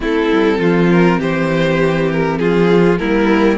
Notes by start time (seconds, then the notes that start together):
0.00 A3 C4 E4 A4
0.31 G3
0.58 F3 F4
0.90 A#4
1.18 E3 G4 C5
2.11 A#4
2.38 F3 F4 G#4
2.98 G3 A#3 E4 A#4